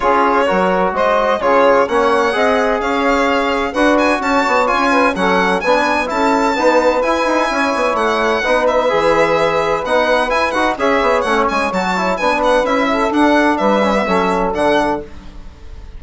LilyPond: <<
  \new Staff \with { instrumentName = "violin" } { \time 4/4 \tempo 4 = 128 cis''2 dis''4 cis''4 | fis''2 f''2 | fis''8 gis''8 a''4 gis''4 fis''4 | gis''4 a''2 gis''4~ |
gis''4 fis''4. e''4.~ | e''4 fis''4 gis''8 fis''8 e''4 | fis''8 gis''8 a''4 gis''8 fis''8 e''4 | fis''4 e''2 fis''4 | }
  \new Staff \with { instrumentName = "saxophone" } { \time 4/4 gis'4 ais'4 c''4 gis'4 | cis''4 dis''4 cis''2 | b'4 cis''4. b'8 a'4 | b'4 a'4 b'2 |
cis''2 b'2~ | b'2. cis''4~ | cis''2 b'4. a'8~ | a'4 b'4 a'2 | }
  \new Staff \with { instrumentName = "trombone" } { \time 4/4 f'4 fis'2 f'4 | cis'4 gis'2. | fis'2 f'4 cis'4 | d'4 e'4 b4 e'4~ |
e'2 dis'4 gis'4~ | gis'4 dis'4 e'8 fis'8 gis'4 | cis'4 fis'8 e'8 d'4 e'4 | d'4. cis'16 b16 cis'4 d'4 | }
  \new Staff \with { instrumentName = "bassoon" } { \time 4/4 cis'4 fis4 gis4 cis4 | ais4 c'4 cis'2 | d'4 cis'8 b8 cis'4 fis4 | b4 cis'4 dis'4 e'8 dis'8 |
cis'8 b8 a4 b4 e4~ | e4 b4 e'8 dis'8 cis'8 b8 | a8 gis8 fis4 b4 cis'4 | d'4 g4 fis4 d4 | }
>>